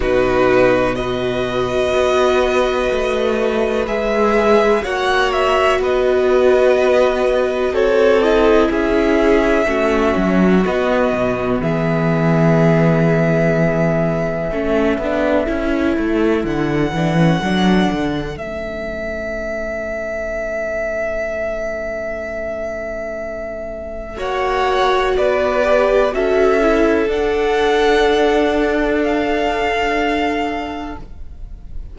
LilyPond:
<<
  \new Staff \with { instrumentName = "violin" } { \time 4/4 \tempo 4 = 62 b'4 dis''2. | e''4 fis''8 e''8 dis''2 | cis''8 dis''8 e''2 dis''4 | e''1~ |
e''4 fis''2 e''4~ | e''1~ | e''4 fis''4 d''4 e''4 | fis''2 f''2 | }
  \new Staff \with { instrumentName = "violin" } { \time 4/4 fis'4 b'2.~ | b'4 cis''4 b'2 | a'4 gis'4 fis'2 | gis'2. a'4~ |
a'1~ | a'1~ | a'4 cis''4 b'4 a'4~ | a'1 | }
  \new Staff \with { instrumentName = "viola" } { \time 4/4 dis'4 fis'2. | gis'4 fis'2.~ | fis'8 e'4. cis'4 b4~ | b2. cis'8 d'8 |
e'4. d'16 cis'16 d'4 cis'4~ | cis'1~ | cis'4 fis'4. g'8 fis'8 e'8 | d'1 | }
  \new Staff \with { instrumentName = "cello" } { \time 4/4 b,2 b4 a4 | gis4 ais4 b2 | c'4 cis'4 a8 fis8 b8 b,8 | e2. a8 b8 |
cis'8 a8 d8 e8 fis8 d8 a4~ | a1~ | a4 ais4 b4 cis'4 | d'1 | }
>>